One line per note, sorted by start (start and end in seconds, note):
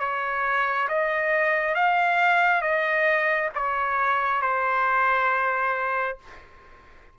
0.00 0.88 C#5
0.89 1.75 D#5
1.75 2.61 F5
2.61 3.50 D#5
3.55 4.42 C#5
4.42 6.18 C5